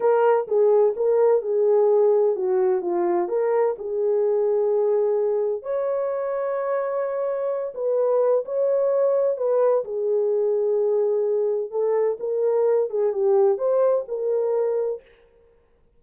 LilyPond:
\new Staff \with { instrumentName = "horn" } { \time 4/4 \tempo 4 = 128 ais'4 gis'4 ais'4 gis'4~ | gis'4 fis'4 f'4 ais'4 | gis'1 | cis''1~ |
cis''8 b'4. cis''2 | b'4 gis'2.~ | gis'4 a'4 ais'4. gis'8 | g'4 c''4 ais'2 | }